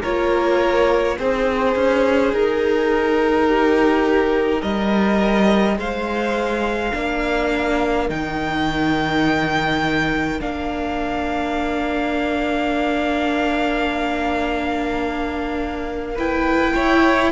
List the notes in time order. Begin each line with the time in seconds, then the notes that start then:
0.00 A#3 F4 A#4 C#5
1.18 C4 D#4 G#4 C5
1.75 C#4
2.33 D#4 A#4
3.47 G4
4.60 G3 A#4 D#5
5.77 G#3 C5 F5
6.93 A#3 D4 A#4
8.08 D#3 D#4 G5
10.39 A#3 D4 F5
16.15 E4 B4 G5
16.74 E4 C#5